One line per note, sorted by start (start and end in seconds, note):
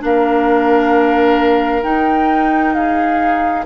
0.00 1.84 A#3
0.00 1.82 D4
0.00 2.75 A#4
0.00 1.83 F5
1.83 3.64 D#4
1.83 3.66 D#4
1.83 2.74 G5
2.74 3.66 G#4
2.74 3.65 F5